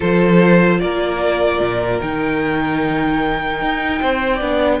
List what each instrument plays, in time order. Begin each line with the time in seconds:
0.00 cello F3, viola F4, violin A4 C5
0.79 cello A#3, violin A#4 D5
1.60 cello A#2
1.99 cello D#3, viola D#4, violin G5
3.61 cello D#4
4.00 cello C4, violin C5
4.35 cello B3, viola D4, violin D5